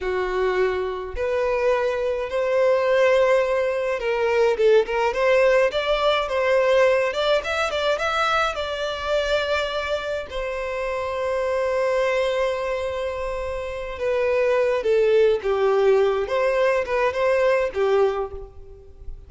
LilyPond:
\new Staff \with { instrumentName = "violin" } { \time 4/4 \tempo 4 = 105 fis'2 b'2 | c''2. ais'4 | a'8 ais'8 c''4 d''4 c''4~ | c''8 d''8 e''8 d''8 e''4 d''4~ |
d''2 c''2~ | c''1~ | c''8 b'4. a'4 g'4~ | g'8 c''4 b'8 c''4 g'4 | }